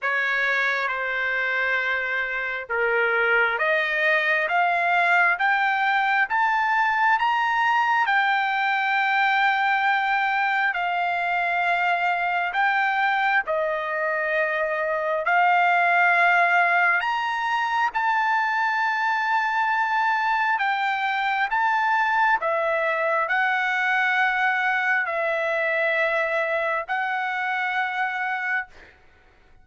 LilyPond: \new Staff \with { instrumentName = "trumpet" } { \time 4/4 \tempo 4 = 67 cis''4 c''2 ais'4 | dis''4 f''4 g''4 a''4 | ais''4 g''2. | f''2 g''4 dis''4~ |
dis''4 f''2 ais''4 | a''2. g''4 | a''4 e''4 fis''2 | e''2 fis''2 | }